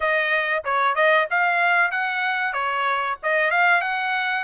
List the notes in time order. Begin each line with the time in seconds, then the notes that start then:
0.00 D#5
0.64 C#5
0.95 D#5
1.30 F5
1.91 F#5
2.53 C#5
3.22 D#5
3.50 F5
3.81 F#5